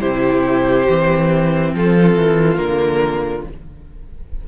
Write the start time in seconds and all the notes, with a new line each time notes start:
0.00 C3 E4 G4 C5
0.88 E3 C4
1.73 F3 F4 A4
2.15 E3
2.56 D3 A#3 A#4